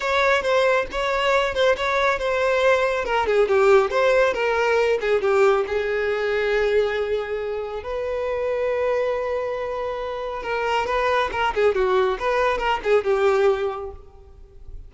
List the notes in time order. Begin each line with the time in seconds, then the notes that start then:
0.00 C#5
0.42 C5
0.91 C#5
1.54 C5
1.76 C#5
2.18 C5
3.04 A#4
3.26 G#4
3.48 G4
3.90 C5
4.33 A#4
5.00 G#4
5.21 G4
5.67 G#4
7.83 B4
10.42 A#4
10.86 B4
11.32 A#4
11.55 G#4
11.74 F#4
12.19 B4
12.58 A#4
12.83 G#4
13.04 G4